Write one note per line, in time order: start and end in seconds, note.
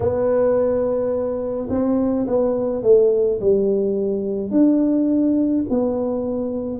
0.00 1.68 B3
1.69 2.26 C4
2.26 2.83 B3
2.83 3.39 A3
3.40 4.50 G3
4.50 5.63 D4
5.69 6.79 B3